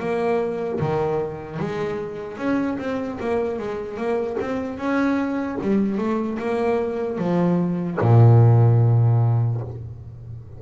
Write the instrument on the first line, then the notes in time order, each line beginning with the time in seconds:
double bass
0.00 A#3
0.80 D#3
1.60 G#3
2.38 C#4
2.79 C4
3.20 A#3
3.59 G#3
3.98 A#3
4.41 C4
4.78 C#4
5.62 G3
5.99 A3
6.39 A#3
7.19 F3
8.01 A#2